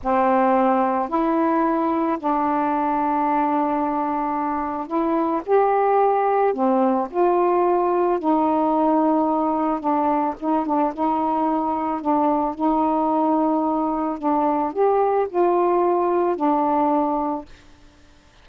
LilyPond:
\new Staff \with { instrumentName = "saxophone" } { \time 4/4 \tempo 4 = 110 c'2 e'2 | d'1~ | d'4 e'4 g'2 | c'4 f'2 dis'4~ |
dis'2 d'4 dis'8 d'8 | dis'2 d'4 dis'4~ | dis'2 d'4 g'4 | f'2 d'2 | }